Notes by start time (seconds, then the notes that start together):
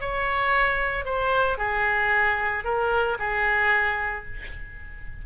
0.00 C#5
1.05 C5
1.58 G#4
2.64 A#4
3.19 G#4